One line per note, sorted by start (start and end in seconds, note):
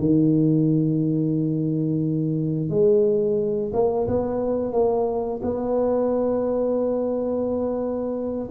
0.00 2.70 D#3
2.70 3.72 G#3
3.73 4.08 A#3
4.08 4.72 B3
4.72 5.40 A#3
5.42 8.49 B3